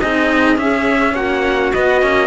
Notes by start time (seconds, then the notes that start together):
0.00 C4 D#4 G#4 D#5
0.56 C#4 E5
1.14 A#3 F#4 F#5
1.73 B3 D#5
2.02 A#3 C#4